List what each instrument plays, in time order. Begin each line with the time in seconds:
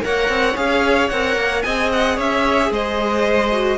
0.00 cello A#3, viola A#4, violin C#5 F#5
0.28 cello C4
0.55 cello C#4, viola G#4, violin F5
1.09 cello C4, viola A#4, violin F#5
1.36 cello A#3
1.62 cello C4, viola G#4, violin D#5 G#5
1.92 violin F#5
2.16 cello C#4, violin C#5 E5
2.70 cello G#3, violin C5 D#5
3.51 viola F#4